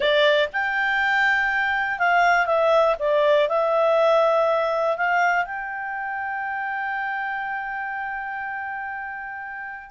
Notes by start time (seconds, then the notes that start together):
0.00 D5
0.52 G5
1.98 F5
2.46 E5
2.99 D5
3.48 E5
4.96 F5
5.45 G5